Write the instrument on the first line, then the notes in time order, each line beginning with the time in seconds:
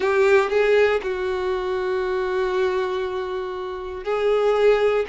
violin
0.00 G4
0.49 G#4
1.02 F#4
4.04 G#4